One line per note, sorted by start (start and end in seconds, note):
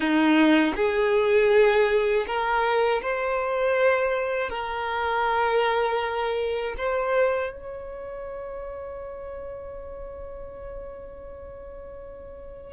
0.00 0.73 D#4
0.76 2.26 G#4
2.26 3.01 A#4
3.02 4.49 C5
4.49 6.74 A#4
6.77 7.52 C5
7.52 12.73 C#5